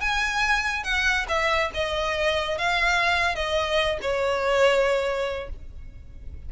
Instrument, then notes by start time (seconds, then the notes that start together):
violin
0.00 G#5
0.83 F#5
1.28 E5
1.74 D#5
2.58 F5
3.35 D#5
4.01 C#5